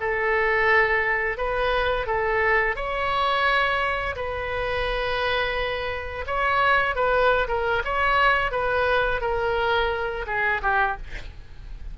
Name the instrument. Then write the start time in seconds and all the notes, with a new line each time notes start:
oboe
0.00 A4
1.37 B4
2.07 A4
2.76 C#5
4.16 B4
6.27 C#5
6.95 B4
7.48 A#4
7.85 C#5
8.51 B4
9.21 A#4
10.27 G#4
10.62 G4